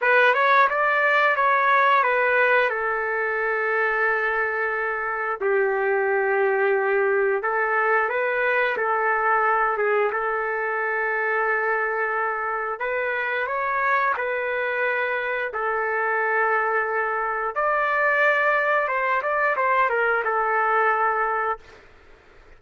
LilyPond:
\new Staff \with { instrumentName = "trumpet" } { \time 4/4 \tempo 4 = 89 b'8 cis''8 d''4 cis''4 b'4 | a'1 | g'2. a'4 | b'4 a'4. gis'8 a'4~ |
a'2. b'4 | cis''4 b'2 a'4~ | a'2 d''2 | c''8 d''8 c''8 ais'8 a'2 | }